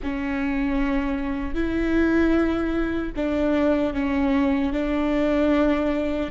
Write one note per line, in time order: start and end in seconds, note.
0.03 1.54 C#4
1.54 3.12 E4
3.15 3.93 D4
3.93 4.72 C#4
4.72 6.30 D4